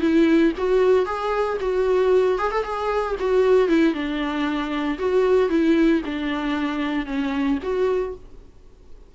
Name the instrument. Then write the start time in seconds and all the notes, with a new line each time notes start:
viola
0.00 E4
0.57 F#4
1.05 G#4
1.60 F#4
2.38 G#4
2.51 A4
2.63 G#4
3.19 F#4
3.68 E4
3.93 D4
4.98 F#4
5.49 E4
6.05 D4
7.06 C#4
7.62 F#4